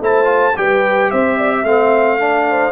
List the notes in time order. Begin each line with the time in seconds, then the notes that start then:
0.00 A3 E4 C5 A5
0.24 F4
0.56 G3 G4 B4 G5
1.10 C4 C5 E5
1.38 D5
1.51 E5
1.63 A3 C4 F5
2.19 D4 D5
2.49 C5